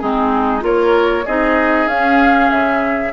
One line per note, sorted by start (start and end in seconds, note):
0.00 0.63 G#3
0.00 0.61 C4
0.00 0.65 D#4
0.00 0.62 G#4
0.61 1.25 A#3
0.61 1.23 F4
0.61 1.26 A#4
0.61 1.27 C#5
1.26 1.88 C4
1.26 1.90 D#4
1.26 3.13 G#4
1.26 1.88 D#5
1.88 2.50 C#4
1.88 3.13 C#4
1.88 2.51 F5
2.51 3.13 C#3
2.51 3.13 E5